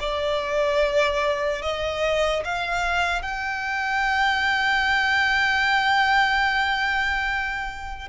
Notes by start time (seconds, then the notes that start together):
0.00 D5
1.62 D#5
2.45 F5
3.22 G5